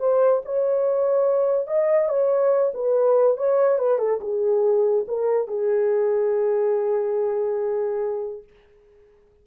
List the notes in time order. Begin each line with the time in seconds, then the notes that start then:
0.00 C5
0.45 C#5
1.67 D#5
2.09 C#5
2.74 B4
3.37 C#5
3.79 B4
3.99 A4
4.21 G#4
5.08 A#4
5.48 G#4